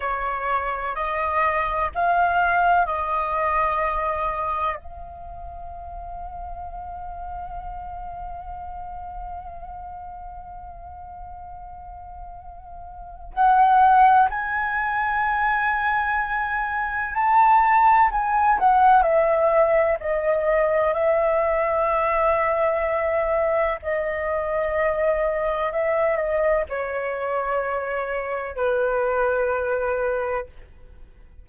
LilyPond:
\new Staff \with { instrumentName = "flute" } { \time 4/4 \tempo 4 = 63 cis''4 dis''4 f''4 dis''4~ | dis''4 f''2.~ | f''1~ | f''2 fis''4 gis''4~ |
gis''2 a''4 gis''8 fis''8 | e''4 dis''4 e''2~ | e''4 dis''2 e''8 dis''8 | cis''2 b'2 | }